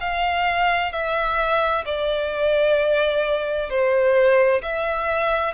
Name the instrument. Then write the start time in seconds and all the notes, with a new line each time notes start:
violin
0.00 F5
0.92 E5
1.85 D5
3.70 C5
4.62 E5